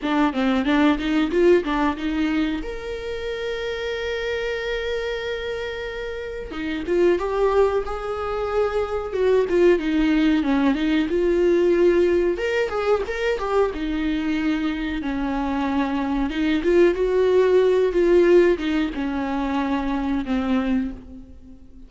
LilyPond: \new Staff \with { instrumentName = "viola" } { \time 4/4 \tempo 4 = 92 d'8 c'8 d'8 dis'8 f'8 d'8 dis'4 | ais'1~ | ais'2 dis'8 f'8 g'4 | gis'2 fis'8 f'8 dis'4 |
cis'8 dis'8 f'2 ais'8 gis'8 | ais'8 g'8 dis'2 cis'4~ | cis'4 dis'8 f'8 fis'4. f'8~ | f'8 dis'8 cis'2 c'4 | }